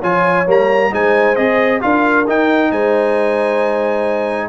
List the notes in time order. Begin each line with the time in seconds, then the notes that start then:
0.00 F3 F4 C#5 G#5
0.46 G3 A#3 A#5
0.92 G#3 D#4 C5 G#5
1.36 C4 G#4 D#5
1.81 D4 F4 A#4 F5
2.27 D#4 G5
2.71 G#3 C5 G#5